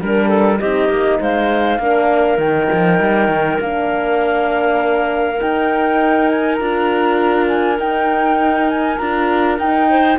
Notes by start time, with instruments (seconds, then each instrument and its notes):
0.00 cello G3, horn D4, flute A#4, clarinet A#4
0.29 clarinet A4
0.59 cello C4, horn D#4, clarinet G4, flute D#5
0.89 cello A#3
1.20 cello G#3, clarinet C5, flute F5
1.79 cello A#3, horn D4, clarinet A#4
2.38 cello D#3, horn D#4, flute G5
2.73 cello F3
3.00 cello G3
3.28 cello D#3
3.60 cello A#3, horn D4, flute F5
5.38 horn D#4, cello D#4, flute G5
6.29 flute G#5
6.55 cello D4, horn F4, flute A#5
7.48 flute G#5
7.79 horn D#4, cello D#4, flute G5
8.69 flute G#5
8.98 cello D4, horn F4, flute A#5
9.59 cello D#4, horn D#4, flute G5
9.90 clarinet C5